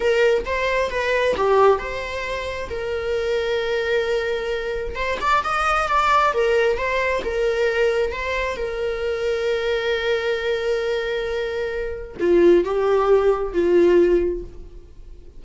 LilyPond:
\new Staff \with { instrumentName = "viola" } { \time 4/4 \tempo 4 = 133 ais'4 c''4 b'4 g'4 | c''2 ais'2~ | ais'2. c''8 d''8 | dis''4 d''4 ais'4 c''4 |
ais'2 c''4 ais'4~ | ais'1~ | ais'2. f'4 | g'2 f'2 | }